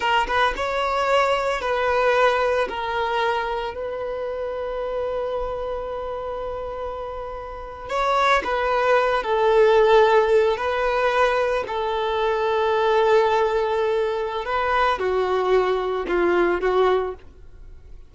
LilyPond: \new Staff \with { instrumentName = "violin" } { \time 4/4 \tempo 4 = 112 ais'8 b'8 cis''2 b'4~ | b'4 ais'2 b'4~ | b'1~ | b'2~ b'8. cis''4 b'16~ |
b'4~ b'16 a'2~ a'8 b'16~ | b'4.~ b'16 a'2~ a'16~ | a'2. b'4 | fis'2 f'4 fis'4 | }